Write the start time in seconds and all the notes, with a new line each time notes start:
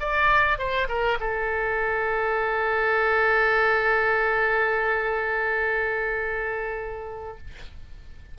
0.00 D5
0.59 C5
0.89 A#4
1.20 A4